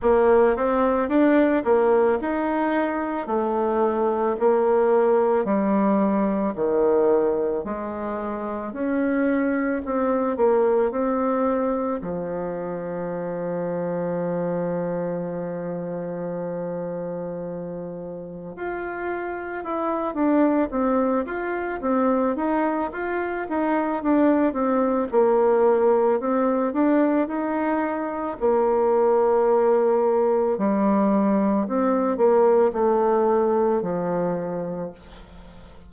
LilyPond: \new Staff \with { instrumentName = "bassoon" } { \time 4/4 \tempo 4 = 55 ais8 c'8 d'8 ais8 dis'4 a4 | ais4 g4 dis4 gis4 | cis'4 c'8 ais8 c'4 f4~ | f1~ |
f4 f'4 e'8 d'8 c'8 f'8 | c'8 dis'8 f'8 dis'8 d'8 c'8 ais4 | c'8 d'8 dis'4 ais2 | g4 c'8 ais8 a4 f4 | }